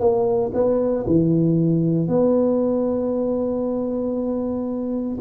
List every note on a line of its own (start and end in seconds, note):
0.00 0.52 A#3
0.54 1.06 B3
1.07 2.08 E3
2.08 5.18 B3